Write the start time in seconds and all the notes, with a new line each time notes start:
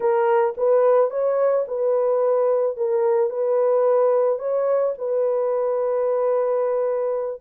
0.00 A#4
0.57 B4
1.10 C#5
1.67 B4
2.76 A#4
3.30 B4
4.38 C#5
4.98 B4